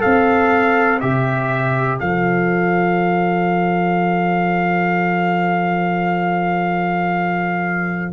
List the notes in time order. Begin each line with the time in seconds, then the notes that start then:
0.00 C4 A4 C5 F5
1.01 C3 G4 E5
2.00 F3 A4 F5